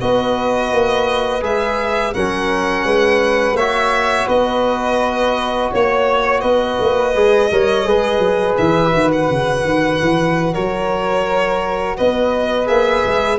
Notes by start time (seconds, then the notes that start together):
0.00 B3 F#4 B4 D#5
0.71 A#3
1.41 G#3 G#4 E5
2.12 F#3 C#4 A#4 F#5
2.84 G#3 B4
3.54 A#3 F#4 C#5 E5
4.27 B3 B4 D#5
5.71 A#3 C#5
6.40 B3 B4 D#5
6.79 A#3
7.14 G#3 G#4
7.51 G3 A#4 C#5
7.85 G#3 G#4 B4
8.18 F#3
8.57 E3 E5
8.91 D#3 F#4
9.12 F#5
9.30 C#3
9.64 D#3
10.01 E3
10.53 F#3 A#4 C#5
11.96 B3 B4 D#5
12.65 A#3 G#4 E5
13.05 G#3